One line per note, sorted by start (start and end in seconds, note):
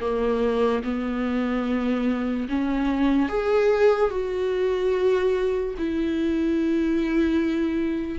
0.00 0.82 A#3
0.83 2.48 B3
2.48 3.28 C#4
3.28 4.10 G#4
4.10 5.75 F#4
5.78 8.19 E4